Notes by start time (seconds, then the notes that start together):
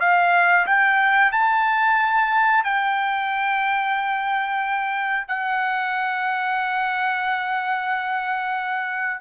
0.00 F5
0.67 G5
1.32 A5
2.64 G5
5.28 F#5